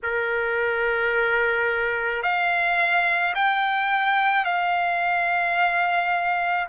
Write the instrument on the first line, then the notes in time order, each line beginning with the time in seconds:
trumpet
0.03 A#4
2.22 F5
3.34 G5
4.44 F5